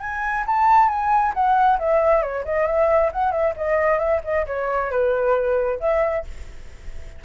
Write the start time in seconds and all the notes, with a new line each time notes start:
0.00 G#5
0.46 A5
0.88 G#5
1.34 F#5
1.78 E5
2.22 C#5
2.45 D#5
2.66 E5
3.12 F#5
3.32 E5
3.56 D#5
3.98 E5
4.24 D#5
4.46 C#5
4.91 B4
5.80 E5